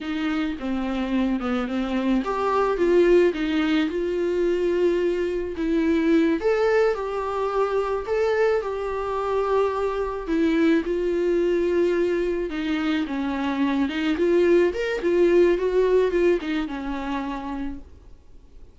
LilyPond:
\new Staff \with { instrumentName = "viola" } { \time 4/4 \tempo 4 = 108 dis'4 c'4. b8 c'4 | g'4 f'4 dis'4 f'4~ | f'2 e'4. a'8~ | a'8 g'2 a'4 g'8~ |
g'2~ g'8 e'4 f'8~ | f'2~ f'8 dis'4 cis'8~ | cis'4 dis'8 f'4 ais'8 f'4 | fis'4 f'8 dis'8 cis'2 | }